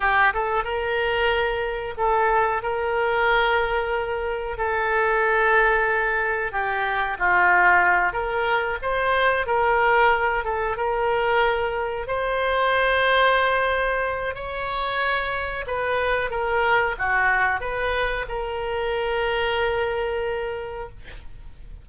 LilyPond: \new Staff \with { instrumentName = "oboe" } { \time 4/4 \tempo 4 = 92 g'8 a'8 ais'2 a'4 | ais'2. a'4~ | a'2 g'4 f'4~ | f'8 ais'4 c''4 ais'4. |
a'8 ais'2 c''4.~ | c''2 cis''2 | b'4 ais'4 fis'4 b'4 | ais'1 | }